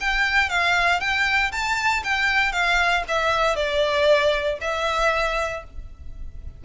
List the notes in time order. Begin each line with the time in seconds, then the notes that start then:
0.00 G5
0.49 F5
1.00 G5
1.52 A5
2.04 G5
2.52 F5
3.08 E5
3.56 D5
4.61 E5